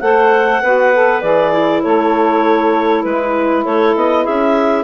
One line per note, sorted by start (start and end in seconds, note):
0.00 0.62 A3
0.00 0.61 A4
0.00 0.62 C5
0.00 1.21 F#5
0.62 1.22 B3
0.62 0.94 F#4
0.62 1.52 B4
0.94 1.21 A4
1.21 1.83 E3
1.21 1.81 G#4
1.21 1.81 D5
1.52 3.64 E4
1.82 3.04 A3
1.82 3.04 A4
1.82 3.03 C#5
3.03 3.65 G#3
3.03 4.84 E4
3.03 3.64 B4
3.64 3.95 A3
3.64 4.23 A4
3.64 3.95 C#5
3.95 4.25 B3
3.95 4.25 D#5
4.23 4.84 C#4
4.23 4.84 G#4
4.23 4.84 E5